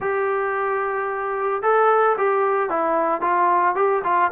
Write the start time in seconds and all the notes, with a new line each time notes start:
0.00 G4
1.62 A4
2.17 G4
2.69 E4
3.21 F4
3.75 G4
4.04 F4